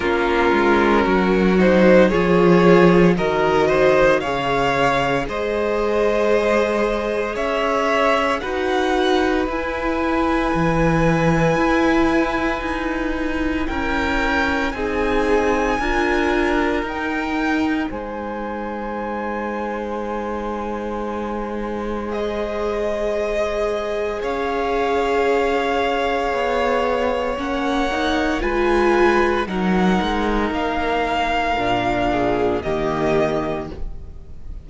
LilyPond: <<
  \new Staff \with { instrumentName = "violin" } { \time 4/4 \tempo 4 = 57 ais'4. c''8 cis''4 dis''4 | f''4 dis''2 e''4 | fis''4 gis''2.~ | gis''4 g''4 gis''2 |
g''4 gis''2.~ | gis''4 dis''2 f''4~ | f''2 fis''4 gis''4 | fis''4 f''2 dis''4 | }
  \new Staff \with { instrumentName = "violin" } { \time 4/4 f'4 fis'4 gis'4 ais'8 c''8 | cis''4 c''2 cis''4 | b'1~ | b'4 ais'4 gis'4 ais'4~ |
ais'4 c''2.~ | c''2. cis''4~ | cis''2. b'4 | ais'2~ ais'8 gis'8 g'4 | }
  \new Staff \with { instrumentName = "viola" } { \time 4/4 cis'4. dis'8 f'4 fis'4 | gis'1 | fis'4 e'2.~ | e'2 dis'4 f'4 |
dis'1~ | dis'4 gis'2.~ | gis'2 cis'8 dis'8 f'4 | dis'2 d'4 ais4 | }
  \new Staff \with { instrumentName = "cello" } { \time 4/4 ais8 gis8 fis4 f4 dis4 | cis4 gis2 cis'4 | dis'4 e'4 e4 e'4 | dis'4 cis'4 c'4 d'4 |
dis'4 gis2.~ | gis2. cis'4~ | cis'4 b4 ais4 gis4 | fis8 gis8 ais4 ais,4 dis4 | }
>>